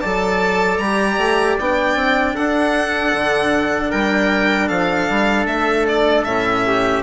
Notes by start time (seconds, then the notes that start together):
0.00 F#3 A4 D5 A5
0.78 G3 G4 A#5
1.17 A3
1.59 B3 D4 G5
1.95 C4
2.35 D4 A4 F#5
3.13 D3
3.90 G3 A#4 G5
4.68 F3 A4 F5
5.09 G3
5.45 A3 E5
5.88 D5
6.24 A2 C#4 E5
6.67 G4